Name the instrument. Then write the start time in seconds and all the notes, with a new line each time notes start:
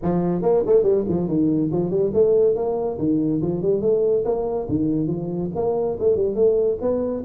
tuba
0.02 F3
0.42 A#3
0.66 A3
0.83 G3
1.08 F3
1.27 D#3
1.71 F3
1.90 G3
2.13 A3
2.55 A#3
2.98 D#3
3.41 F3
3.62 G3
3.81 A3
4.24 A#3
4.68 D#3
5.07 F3
5.55 A#3
5.99 A3
6.16 G3
6.35 A3
6.81 B3